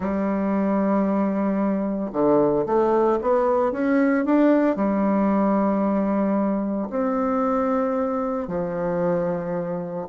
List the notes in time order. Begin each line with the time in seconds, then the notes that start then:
0.00 G3
2.12 D3
2.65 A3
3.21 B3
3.72 C#4
4.25 D4
4.76 G3
6.90 C4
8.47 F3